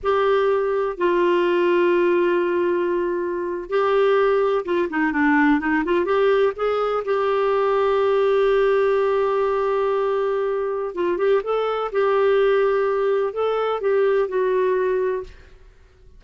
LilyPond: \new Staff \with { instrumentName = "clarinet" } { \time 4/4 \tempo 4 = 126 g'2 f'2~ | f'2.~ f'8. g'16~ | g'4.~ g'16 f'8 dis'8 d'4 dis'16~ | dis'16 f'8 g'4 gis'4 g'4~ g'16~ |
g'1~ | g'2. f'8 g'8 | a'4 g'2. | a'4 g'4 fis'2 | }